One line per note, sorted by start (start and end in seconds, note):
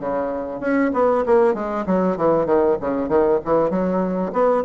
0.00 0.60 C#3
0.60 0.91 C#4
0.94 1.25 B3
1.26 1.54 A#3
1.54 1.85 G#3
1.86 2.17 F#3
2.17 2.46 E3
2.46 2.77 D#3
2.81 3.08 C#3
3.08 3.39 D#3
3.45 3.70 E3
3.70 4.32 F#3
4.32 4.63 B3